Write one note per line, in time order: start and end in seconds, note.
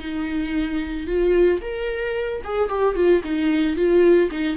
0.00 1.08 D#4
1.08 1.62 F4
1.62 2.43 A#4
2.45 2.70 G#4
2.70 2.96 G4
2.96 3.23 F4
3.24 3.77 D#4
3.77 4.31 F4
4.32 4.57 D#4